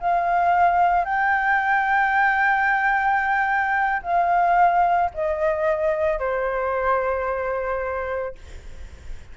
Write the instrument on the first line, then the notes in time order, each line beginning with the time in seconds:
flute
0.00 F5
1.05 G5
4.02 F5
5.14 D#5
6.19 C5